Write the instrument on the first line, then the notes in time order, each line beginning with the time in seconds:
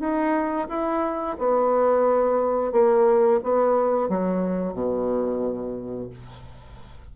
bassoon
0.00 D#4
0.69 E4
1.39 B3
2.72 A#3
3.44 B3
4.09 F#3
4.74 B2